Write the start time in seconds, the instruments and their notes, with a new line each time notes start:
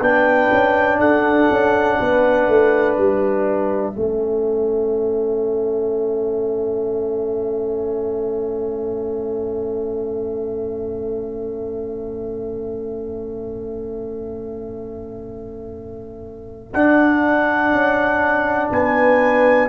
0.00 tuba B3, trombone D4, horn B4, trumpet G5
0.52 tuba C#4
0.99 tuba D4, horn A4, trumpet F#5
1.51 tuba C#4
2.00 tuba B3, horn B4
2.48 tuba A3
2.96 tuba G3, trumpet E5
3.93 tuba A3, trombone C#4, horn A4
16.74 tuba D4, trombone D4, trumpet F#5
17.72 tuba C#4
18.71 tuba B3, horn B4, trumpet G#5